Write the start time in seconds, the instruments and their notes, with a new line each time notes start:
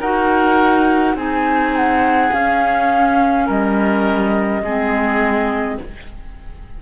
0.00 cello D#4, clarinet F#4, oboe A#4, flute F#5
1.15 cello C4, clarinet D#4, oboe G#4, flute G#5
1.76 flute F#5
2.31 clarinet C#4, cello C#4, flute F5
3.46 cello G3, oboe A#4, flute D#5
4.62 cello G#3, clarinet C4, oboe G#4